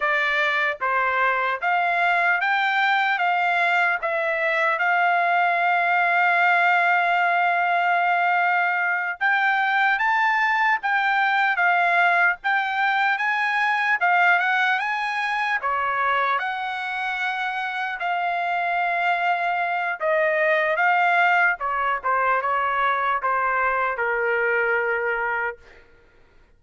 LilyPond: \new Staff \with { instrumentName = "trumpet" } { \time 4/4 \tempo 4 = 75 d''4 c''4 f''4 g''4 | f''4 e''4 f''2~ | f''2.~ f''8 g''8~ | g''8 a''4 g''4 f''4 g''8~ |
g''8 gis''4 f''8 fis''8 gis''4 cis''8~ | cis''8 fis''2 f''4.~ | f''4 dis''4 f''4 cis''8 c''8 | cis''4 c''4 ais'2 | }